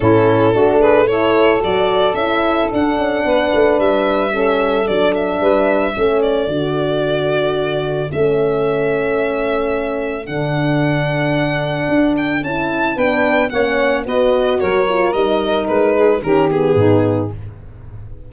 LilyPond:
<<
  \new Staff \with { instrumentName = "violin" } { \time 4/4 \tempo 4 = 111 a'4. b'8 cis''4 d''4 | e''4 fis''2 e''4~ | e''4 d''8 e''2 d''8~ | d''2. e''4~ |
e''2. fis''4~ | fis''2~ fis''8 g''8 a''4 | g''4 fis''4 dis''4 cis''4 | dis''4 b'4 ais'8 gis'4. | }
  \new Staff \with { instrumentName = "saxophone" } { \time 4/4 e'4 fis'8 gis'8 a'2~ | a'2 b'2 | a'2 b'4 a'4~ | a'1~ |
a'1~ | a'1 | b'4 cis''4 b'4 ais'4~ | ais'4. gis'8 g'4 dis'4 | }
  \new Staff \with { instrumentName = "horn" } { \time 4/4 cis'4 d'4 e'4 fis'4 | e'4 d'2. | cis'4 d'2 cis'4 | fis'2. cis'4~ |
cis'2. d'4~ | d'2. e'4 | d'4 cis'4 fis'4. f'8 | dis'2 cis'8 b4. | }
  \new Staff \with { instrumentName = "tuba" } { \time 4/4 a,4 a2 fis4 | cis'4 d'8 cis'8 b8 a8 g4~ | g4 fis4 g4 a4 | d2. a4~ |
a2. d4~ | d2 d'4 cis'4 | b4 ais4 b4 fis4 | g4 gis4 dis4 gis,4 | }
>>